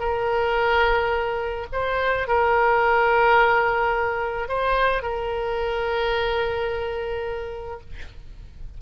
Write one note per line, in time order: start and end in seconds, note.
0.00 1.67 A#4
1.73 2.28 C5
2.28 4.49 A#4
4.49 5.03 C5
5.03 7.81 A#4